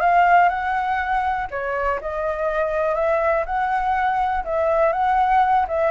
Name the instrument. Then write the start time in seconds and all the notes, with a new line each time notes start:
flute
0.00 F5
0.49 F#5
1.50 C#5
2.01 D#5
2.95 E5
3.46 F#5
4.44 E5
4.92 F#5
5.68 E5